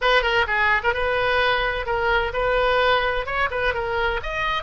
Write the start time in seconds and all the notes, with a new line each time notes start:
0.01 B4
0.22 A#4
0.47 G#4
0.83 A#4
0.93 B4
1.85 A#4
2.33 B4
3.26 C#5
3.51 B4
3.74 A#4
4.22 D#5